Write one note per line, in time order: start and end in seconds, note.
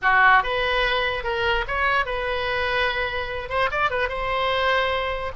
0.02 0.43 F#4
0.43 1.23 B4
1.23 1.64 A#4
1.67 2.05 C#5
2.05 3.49 B4
3.49 3.69 C5
3.71 3.90 D5
3.90 4.08 B4
4.08 5.32 C5